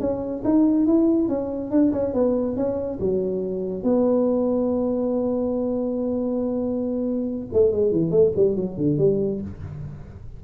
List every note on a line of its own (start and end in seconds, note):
0.00 0.43 C#4
0.44 0.86 D#4
0.86 1.28 E4
1.28 1.70 C#4
1.70 1.92 D4
1.92 2.13 C#4
2.13 2.56 B3
2.56 2.99 C#4
2.99 3.83 F#3
3.83 7.47 B3
7.53 7.72 A3
7.72 7.91 G#3
7.91 8.11 E3
8.11 8.32 A3
8.36 8.56 G3
8.56 8.77 F#3
8.77 8.98 D3
8.98 9.41 G3